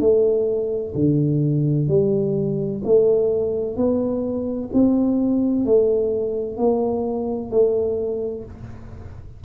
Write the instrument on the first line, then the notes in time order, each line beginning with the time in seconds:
tuba
0.00 A3
0.95 D3
1.88 G3
2.85 A3
3.77 B3
4.73 C4
5.65 A3
6.57 A#3
7.51 A3